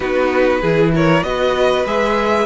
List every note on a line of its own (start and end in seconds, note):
0.00 0.62 B3
0.00 0.62 D#4
0.00 0.61 F#4
0.00 0.90 B4
0.61 1.22 E3
0.61 1.23 E4
0.61 0.92 G#4
0.94 1.25 A#4
0.94 1.23 C#5
1.22 1.84 B3
1.22 1.85 F#4
1.22 2.46 B4
1.22 1.85 D#5
1.85 2.46 G#3
1.85 2.46 G#4
1.85 2.46 E5